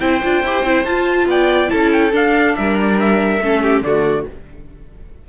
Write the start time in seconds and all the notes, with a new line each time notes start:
0.00 C4 E4 C5 G5
0.23 D4 F4
0.42 E4 G4
0.63 C4 E4
0.85 F4 A5
1.26 B3 D5 G5
1.68 C#4 E4 A4 A5
1.93 G5
2.12 D4 F5
2.56 G3 A#4 E5
2.81 D5
3.00 E5
3.39 A3 C#4 A4
3.62 G4
3.82 D3 A3 F#4 D5